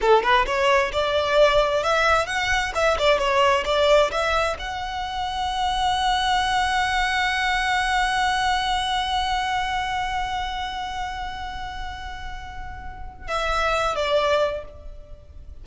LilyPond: \new Staff \with { instrumentName = "violin" } { \time 4/4 \tempo 4 = 131 a'8 b'8 cis''4 d''2 | e''4 fis''4 e''8 d''8 cis''4 | d''4 e''4 fis''2~ | fis''1~ |
fis''1~ | fis''1~ | fis''1~ | fis''4 e''4. d''4. | }